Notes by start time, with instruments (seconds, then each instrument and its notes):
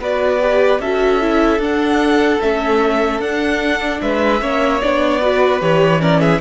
0.00 cello B3, viola F#4, violin B4 D5
0.41 viola G4
0.80 cello C#4, viola F#4, violin A4 E5
1.22 viola E4
1.59 cello D4, viola D4, violin F#5
2.42 cello A3, viola C#4, violin E5
3.20 cello D4, viola D4, violin F#5
4.02 cello G#3, violin B4 E5
4.41 cello A#3, viola C#4, violin C#5
4.81 cello B3, viola D4, violin D5
5.22 viola F#4, violin B4
5.60 cello E3, viola G4, violin C#5
5.99 viola C#4, violin A#4 D5
6.20 violin G#4 E5